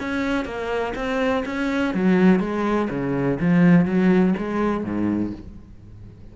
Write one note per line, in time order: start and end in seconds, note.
0.00 0.45 C#4
0.45 0.94 A#3
0.96 1.44 C4
1.45 1.94 C#4
1.94 2.40 F#3
2.40 2.89 G#3
2.90 3.39 C#3
3.41 3.86 F3
3.86 4.35 F#3
4.38 4.84 G#3
4.84 5.33 G#2